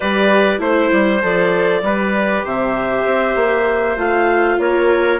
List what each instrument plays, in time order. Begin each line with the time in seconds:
0.00 bassoon G3, viola G4, trumpet B4, clarinet D5
0.58 bassoon A3, viola E4, trumpet C5, clarinet C5
0.91 bassoon G3
1.21 bassoon F3, viola A4, clarinet D5
1.82 bassoon G3, viola G4, trumpet B4
2.44 bassoon C3, trumpet C5, clarinet E5
3.05 bassoon C4
3.35 bassoon A#3
3.96 bassoon A3, viola F4, clarinet F5
4.58 bassoon A#3, trumpet A#4, clarinet C#5